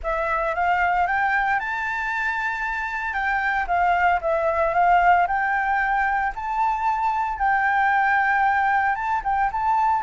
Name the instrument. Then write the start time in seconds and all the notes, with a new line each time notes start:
flute
0.03 E5
0.54 F5
1.06 G5
1.59 A5
3.13 G5
3.67 F5
4.21 E5
4.74 F5
5.27 G5
6.35 A5
7.38 G5
8.95 A5
9.24 G5
9.51 A5